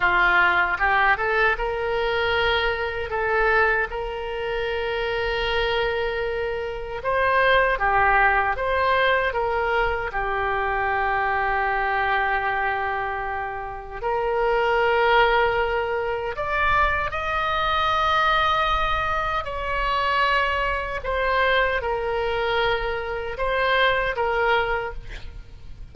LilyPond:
\new Staff \with { instrumentName = "oboe" } { \time 4/4 \tempo 4 = 77 f'4 g'8 a'8 ais'2 | a'4 ais'2.~ | ais'4 c''4 g'4 c''4 | ais'4 g'2.~ |
g'2 ais'2~ | ais'4 d''4 dis''2~ | dis''4 cis''2 c''4 | ais'2 c''4 ais'4 | }